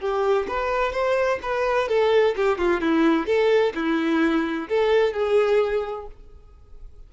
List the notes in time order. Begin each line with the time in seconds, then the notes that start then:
0.00 G4
0.48 B4
0.92 C5
1.43 B4
1.88 A4
2.36 G4
2.58 F4
2.81 E4
3.26 A4
3.75 E4
4.69 A4
5.13 G#4